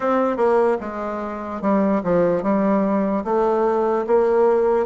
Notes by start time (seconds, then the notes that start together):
0.00 C4
0.36 A#3
0.80 G#3
1.61 G3
2.03 F3
2.43 G3
3.24 A3
4.07 A#3